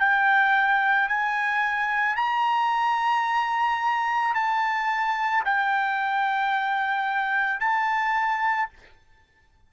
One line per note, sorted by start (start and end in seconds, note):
0.00 1.09 G5
1.09 2.17 G#5
2.17 4.35 A#5
4.35 5.44 A5
5.45 7.61 G5
7.61 8.70 A5